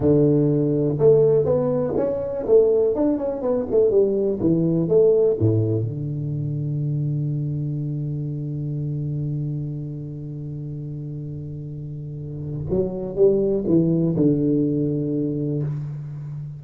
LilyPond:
\new Staff \with { instrumentName = "tuba" } { \time 4/4 \tempo 4 = 123 d2 a4 b4 | cis'4 a4 d'8 cis'8 b8 a8 | g4 e4 a4 a,4 | d1~ |
d1~ | d1~ | d2 fis4 g4 | e4 d2. | }